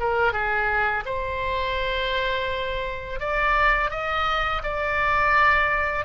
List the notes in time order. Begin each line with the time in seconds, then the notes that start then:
0.00 A#4
0.33 G#4
1.06 C5
3.20 D5
3.91 D#5
4.63 D5